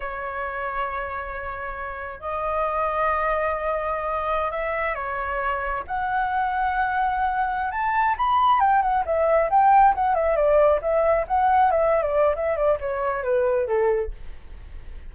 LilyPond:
\new Staff \with { instrumentName = "flute" } { \time 4/4 \tempo 4 = 136 cis''1~ | cis''4 dis''2.~ | dis''2~ dis''16 e''4 cis''8.~ | cis''4~ cis''16 fis''2~ fis''8.~ |
fis''4. a''4 b''4 g''8 | fis''8 e''4 g''4 fis''8 e''8 d''8~ | d''8 e''4 fis''4 e''8. d''8. | e''8 d''8 cis''4 b'4 a'4 | }